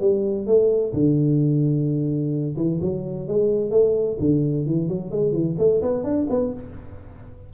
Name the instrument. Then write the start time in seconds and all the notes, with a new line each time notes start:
tuba
0.00 G3
0.46 A3
0.93 D3
2.56 E3
2.81 F#3
3.27 G#3
3.70 A3
4.19 D3
4.66 E3
4.88 F#3
5.11 G#3
5.32 E3
5.58 A3
5.81 B3
6.03 D4
6.30 B3